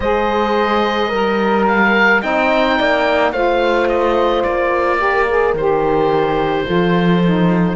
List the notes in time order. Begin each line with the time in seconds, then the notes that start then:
0.00 G#3 G#4 C5 D#5
1.08 G3 A#4
1.67 F5
2.22 C4 D#4 D#5 G5
2.78 A#3 D5
3.32 A3 F4 C5 F5
3.88 D#5
4.43 A#3 D5
4.98 G4 A#4
5.28 G#4
5.53 D#3 G4 C5
6.65 F3 F4 A4
7.24 D#4